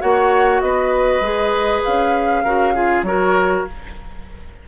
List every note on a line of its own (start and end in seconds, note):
0.00 0.62 A#3
0.00 1.21 F#4
0.00 0.61 C#5
0.00 0.60 F#5
0.60 1.21 B3
0.60 2.44 B4
0.60 1.82 D#5
1.21 1.81 G#3
1.21 2.44 G#4
1.84 2.45 C#4
1.84 3.04 F5
2.44 3.03 C#3
2.44 2.75 F#4
2.44 2.74 A#4
2.75 3.05 F4
2.75 3.05 G#4
3.03 3.63 F#3
3.03 3.67 F#4
3.03 3.68 A#4
3.03 3.65 C#5